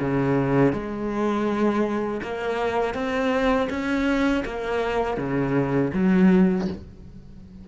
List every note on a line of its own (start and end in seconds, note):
0.00 0.73 C#3
0.73 2.21 G#3
2.23 2.94 A#3
2.94 3.68 C4
3.70 4.44 C#4
4.45 5.18 A#3
5.18 5.92 C#3
5.94 6.68 F#3